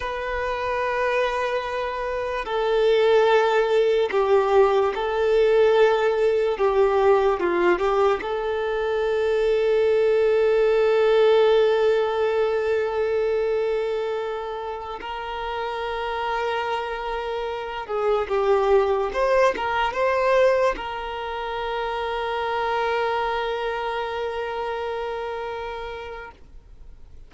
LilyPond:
\new Staff \with { instrumentName = "violin" } { \time 4/4 \tempo 4 = 73 b'2. a'4~ | a'4 g'4 a'2 | g'4 f'8 g'8 a'2~ | a'1~ |
a'2~ a'16 ais'4.~ ais'16~ | ais'4.~ ais'16 gis'8 g'4 c''8 ais'16~ | ais'16 c''4 ais'2~ ais'8.~ | ais'1 | }